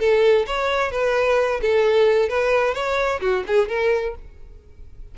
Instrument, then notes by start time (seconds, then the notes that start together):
violin
0.00 A4
0.47 C#5
0.92 B4
1.62 A4
2.30 B4
2.75 C#5
3.21 F#4
3.47 G#4
3.69 A#4